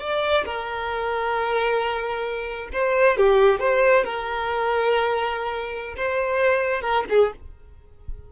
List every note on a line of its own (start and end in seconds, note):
0.00 0.45 D5
0.45 2.69 A#4
2.73 3.17 C5
3.17 3.60 G4
3.60 4.05 C5
4.05 5.95 A#4
5.97 6.82 C5
6.82 7.04 A#4
7.10 7.32 G#4